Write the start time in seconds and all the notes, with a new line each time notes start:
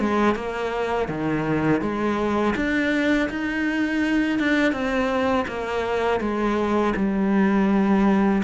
0.00 G#3
0.35 A#3
1.08 D#3
1.81 G#3
2.56 D4
3.30 D#4
4.39 D4
4.72 C4
5.47 A#3
6.20 G#3
6.96 G3